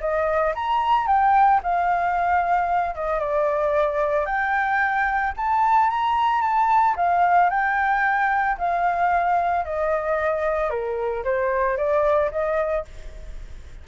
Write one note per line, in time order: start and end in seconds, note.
0.00 0.54 D#5
0.55 1.07 A#5
1.07 1.60 G5
1.63 2.95 F5
2.95 3.19 D#5
3.19 4.26 D5
4.26 5.33 G5
5.36 5.90 A5
5.90 6.41 A#5
6.41 6.95 A5
6.96 7.50 F5
7.50 8.57 G5
8.58 9.65 F5
9.65 10.70 D#5
10.70 11.24 A#4
11.24 11.77 C5
11.77 12.30 D5
12.31 12.85 D#5